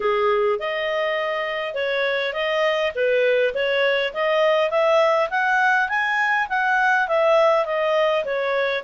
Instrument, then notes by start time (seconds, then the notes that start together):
clarinet
0.00 G#4
0.59 D#5
1.74 C#5
2.33 D#5
2.95 B4
3.54 C#5
4.13 D#5
4.70 E5
5.29 F#5
5.88 G#5
6.49 F#5
7.07 E5
7.65 D#5
8.24 C#5